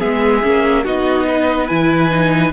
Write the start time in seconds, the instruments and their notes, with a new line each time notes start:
0.00 cello G#3, viola B3, violin G#4 E5
0.43 cello A#3, viola C#4
0.84 cello B3, viola D#4, violin F#4 D#5
1.28 violin B4
1.68 cello E3, viola E4, violin G#5
2.11 viola D#4